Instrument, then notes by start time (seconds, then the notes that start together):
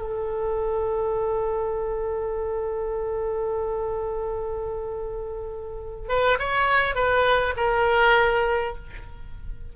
oboe
0.00 A4
6.09 B4
6.39 C#5
6.95 B4
7.57 A#4